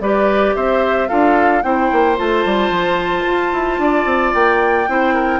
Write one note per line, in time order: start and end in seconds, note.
0.00 0.54 G3
0.00 1.09 G4
0.00 0.56 B4
0.00 0.55 D5
0.55 1.10 C4
0.55 1.09 C5
0.55 1.08 E5
1.08 1.64 D4
1.08 1.63 F4
1.08 1.63 A4
1.08 1.62 F5
1.63 1.91 C4
1.63 2.16 E4
1.63 3.81 C5
1.63 2.17 G5
1.92 2.19 A#3
2.16 2.45 A3
2.16 4.87 F4
2.16 4.34 A5
2.45 2.70 G3
2.70 3.24 F3
3.27 3.53 F4
3.53 3.78 E4
3.78 4.05 D4
3.78 4.90 D5
4.05 4.32 C4
4.34 4.88 A#3
4.34 5.40 G5
4.88 5.40 C4
4.88 5.40 E4
4.88 5.14 C5
5.14 5.40 A#4